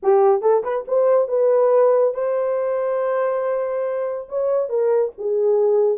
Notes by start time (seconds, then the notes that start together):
0.02 G4
0.41 A4
0.63 B4
0.87 C5
1.28 B4
2.14 C5
4.28 C#5
4.69 A#4
5.18 G#4